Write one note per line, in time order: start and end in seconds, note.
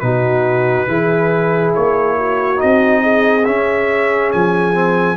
0.00 0.88 B2
0.00 0.88 D#4
0.00 0.88 F#4
0.00 1.71 B4
0.88 1.74 E3
0.88 2.56 E4
0.88 2.17 G#4
1.75 2.62 A#3
1.75 2.61 C#5
2.17 3.02 F#4
2.56 3.42 D#4
2.56 3.45 D#5
2.64 3.47 C4
3.02 5.17 G#4
3.45 4.33 C#4
3.45 4.74 C#4
3.45 4.31 E5
4.32 5.17 F3
4.32 5.17 G#5
4.74 5.17 C4